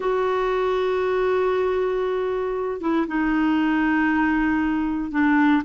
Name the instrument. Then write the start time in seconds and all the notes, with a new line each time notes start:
clarinet
0.00 F#4
2.80 E4
3.07 D#4
5.11 D4